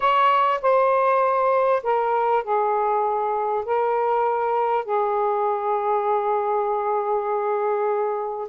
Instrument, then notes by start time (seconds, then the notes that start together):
saxophone
0.00 C#5
0.61 C5
1.83 A#4
2.43 G#4
3.65 A#4
4.84 G#4